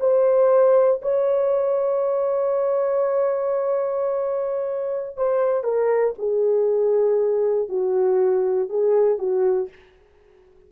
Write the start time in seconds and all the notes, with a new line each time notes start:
0.00 C5
1.02 C#5
5.17 C5
5.64 A#4
6.18 G#4
7.69 F#4
8.69 G#4
9.18 F#4